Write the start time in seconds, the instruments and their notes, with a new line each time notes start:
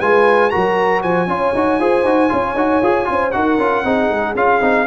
0.00 tuba G#3, trombone F4, horn B4, trumpet G#5
0.50 tuba F#3, trombone F#4, horn A#4, trumpet A#5
1.02 tuba F3, horn C5, trumpet G#5
1.28 tuba C#4, trombone F4, horn C#5
1.55 tuba D#4, trombone F#4
1.80 tuba F4, trombone G#4, horn C5
2.05 tuba D#4, trombone F#4
2.29 tuba C#4, trombone F4, horn C#5
2.55 tuba D#4, trombone F#4
2.83 tuba F4, trombone G#4
3.05 tuba C#4, trombone F4, horn C5
3.32 tuba D#4, trombone F#4, horn A#4, trumpet F#5
3.58 tuba C#4, trombone F4
3.85 tuba C4, trombone D#4, horn G#4
4.10 tuba G#3
4.35 tuba C#4, trombone F4, trumpet F5
4.61 tuba C4, trombone D#4